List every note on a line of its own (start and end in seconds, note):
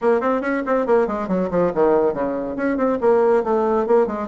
0.01 0.20 A#3
0.20 0.41 C4
0.41 0.62 C#4
0.66 0.86 C4
0.86 1.07 A#3
1.07 1.28 G#3
1.28 1.49 F#3
1.50 1.72 F3
1.74 2.13 D#3
2.13 2.56 C#3
2.56 2.77 C#4
2.77 2.98 C4
3.00 3.43 A#3
3.43 3.86 A3
3.86 4.06 A#3
4.06 4.27 G#3